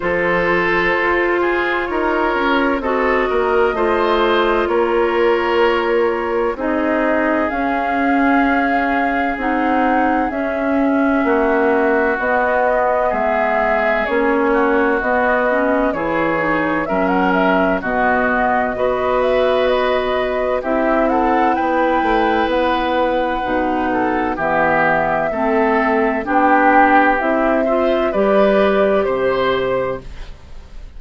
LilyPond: <<
  \new Staff \with { instrumentName = "flute" } { \time 4/4 \tempo 4 = 64 c''2 cis''4 dis''4~ | dis''4 cis''2 dis''4 | f''2 fis''4 e''4~ | e''4 dis''4 e''4 cis''4 |
dis''4 cis''4 e''16 fis''16 e''8 dis''4~ | dis''8 e''8 dis''4 e''8 fis''8 g''4 | fis''2 e''2 | g''4 e''4 d''4 c''4 | }
  \new Staff \with { instrumentName = "oboe" } { \time 4/4 a'4. gis'8 ais'4 a'8 ais'8 | c''4 ais'2 gis'4~ | gis'1 | fis'2 gis'4. fis'8~ |
fis'4 gis'4 ais'4 fis'4 | b'2 g'8 a'8 b'4~ | b'4. a'8 g'4 a'4 | g'4. c''8 b'4 c''4 | }
  \new Staff \with { instrumentName = "clarinet" } { \time 4/4 f'2. fis'4 | f'2. dis'4 | cis'2 dis'4 cis'4~ | cis'4 b2 cis'4 |
b8 cis'8 e'8 dis'8 cis'4 b4 | fis'2 e'2~ | e'4 dis'4 b4 c'4 | d'4 e'8 f'8 g'2 | }
  \new Staff \with { instrumentName = "bassoon" } { \time 4/4 f4 f'4 dis'8 cis'8 c'8 ais8 | a4 ais2 c'4 | cis'2 c'4 cis'4 | ais4 b4 gis4 ais4 |
b4 e4 fis4 b,4 | b2 c'4 b8 a8 | b4 b,4 e4 a4 | b4 c'4 g4 c4 | }
>>